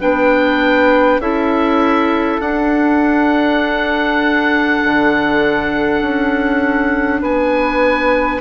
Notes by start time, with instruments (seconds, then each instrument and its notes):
0.00 bassoon B3, clarinet D4, flute B4, oboe G5
1.19 bassoon C#4, clarinet E4, flute A4, oboe E5
2.40 bassoon D4, clarinet D4, oboe F#5
4.84 bassoon D3
6.01 bassoon C#4
7.21 bassoon B3, flute B4, oboe G#5